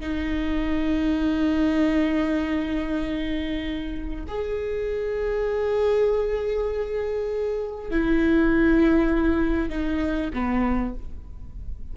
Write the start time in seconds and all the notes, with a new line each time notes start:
0.00 D#4
4.28 G#4
7.90 E4
9.69 D#4
10.33 B3